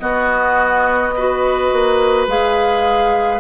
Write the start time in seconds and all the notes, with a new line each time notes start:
0.00 B3 F#4 D#5
1.16 F#4 B4
1.73 A#3
2.28 G#3 G#4 F5